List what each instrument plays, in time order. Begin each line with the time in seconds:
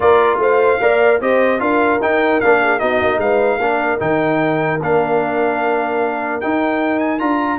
0.00 tuba A#3, trombone F4, horn A#4, trumpet D5
0.38 tuba A3, horn C5, trumpet F5
0.80 tuba A#3, trombone A#4, horn D5
1.20 tuba C4, trombone G4, horn C5, trumpet D#5
1.58 tuba D4, trombone F4, horn A#4, trumpet F5
2.00 tuba D#4, trombone D#4, trumpet G5
2.40 tuba A#3, trombone D4, trumpet F5
2.62 horn G#4
2.79 tuba B3, trombone D#4, horn F#4, trumpet D#5
3.02 tuba A#3
3.17 tuba G#3, horn B4, trumpet F5
3.57 tuba A#3, trombone D4, horn A#4
3.99 tuba D#3, trombone D#4, trumpet G5
4.80 tuba A#3, trombone D4, trumpet F5
6.40 trombone D#4, tuba D#4, trumpet G5
6.99 trumpet G#5
7.19 tuba D4, trombone F4, trumpet A#5